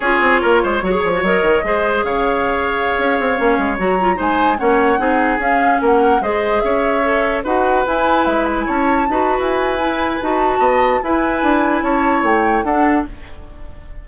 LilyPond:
<<
  \new Staff \with { instrumentName = "flute" } { \time 4/4 \tempo 4 = 147 cis''2. dis''4~ | dis''4 f''2.~ | f''4~ f''16 ais''4 gis''4 fis''8.~ | fis''4~ fis''16 f''4 fis''4 dis''8.~ |
dis''16 e''2 fis''4 gis''8.~ | gis''16 e''8 b''16 gis''16 a''4.~ a''16 gis''4~ | gis''4 a''2 gis''4~ | gis''4 a''4 g''4 fis''4 | }
  \new Staff \with { instrumentName = "oboe" } { \time 4/4 gis'4 ais'8 c''8 cis''2 | c''4 cis''2.~ | cis''2~ cis''16 c''4 cis''8.~ | cis''16 gis'2 ais'4 c''8.~ |
c''16 cis''2 b'4.~ b'16~ | b'4~ b'16 cis''4 b'4.~ b'16~ | b'2 dis''4 b'4~ | b'4 cis''2 a'4 | }
  \new Staff \with { instrumentName = "clarinet" } { \time 4/4 f'2 fis'16 gis'8 fis'16 ais'4 | gis'1~ | gis'16 cis'4 fis'8 f'8 dis'4 cis'8.~ | cis'16 dis'4 cis'2 gis'8.~ |
gis'4~ gis'16 a'4 fis'4 e'8.~ | e'2~ e'16 fis'4.~ fis'16 | e'4 fis'2 e'4~ | e'2. d'4 | }
  \new Staff \with { instrumentName = "bassoon" } { \time 4/4 cis'8 c'8 ais8 gis8 fis8 f8 fis8 dis8 | gis4 cis2~ cis16 cis'8 c'16~ | c'16 ais8 gis8 fis4 gis4 ais8.~ | ais16 c'4 cis'4 ais4 gis8.~ |
gis16 cis'2 dis'4 e'8.~ | e'16 gis4 cis'4 dis'8. e'4~ | e'4 dis'4 b4 e'4 | d'4 cis'4 a4 d'4 | }
>>